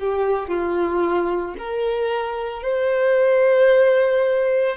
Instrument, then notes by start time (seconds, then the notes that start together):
violin
0.00 G4
0.48 F4
1.58 A#4
2.63 C5